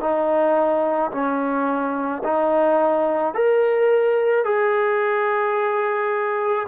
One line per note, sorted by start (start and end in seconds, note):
0.00 1.11 D#4
1.12 2.23 C#4
2.24 3.34 D#4
3.34 4.44 A#4
4.44 6.67 G#4